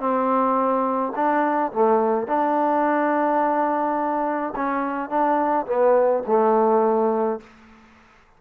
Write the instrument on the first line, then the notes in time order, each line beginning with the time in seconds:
trombone
0.00 C4
1.16 D4
1.73 A3
2.27 D4
4.56 C#4
5.10 D4
5.67 B3
6.27 A3